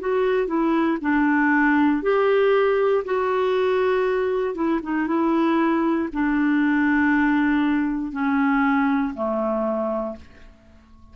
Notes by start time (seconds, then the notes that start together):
0.00 F#4
0.47 E4
1.01 D4
2.02 G4
3.05 F#4
4.54 E4
4.83 D#4
5.07 E4
6.12 D4
8.12 C#4
9.14 A3